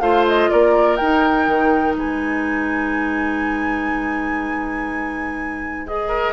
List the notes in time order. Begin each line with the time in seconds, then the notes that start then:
0.00 A3 F4 C5 F5
0.28 D#5
0.51 A#3 A#4 D5
0.97 D#4 G5
1.47 D#3
1.96 G#3 B4 G#5
5.87 G#4 D#5
6.08 A#4